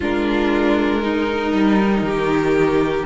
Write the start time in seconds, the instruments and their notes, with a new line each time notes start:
0.00 cello G#3, viola D4, violin F4 A#4
1.02 viola D#4, violin D#4
1.52 cello G3
2.01 cello D#3, violin G4